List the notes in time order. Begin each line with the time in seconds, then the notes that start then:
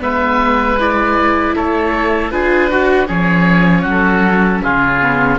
0.00 G#3 B3 B4 E5
0.79 E4 D5
1.56 A3 A4 C#5
2.31 D4 F4 G#4 B4
2.71 F#4
3.06 F3 C#4 G#4 C#5
3.82 F#3 F#4
3.91 A4
4.63 C#3 F4 G#4
5.01 B3